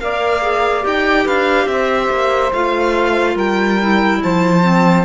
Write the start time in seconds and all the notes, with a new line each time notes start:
0.00 A#3 A#4 D5 F5
0.42 G#4
0.82 D#4 G4 G5
1.24 D4 B4 F5
1.67 C4 C5 E5
2.10 A#3
2.53 A3 F4 F5
3.35 G3 A#4 G5
3.81 E4
4.23 F3 C5 A5
4.63 C4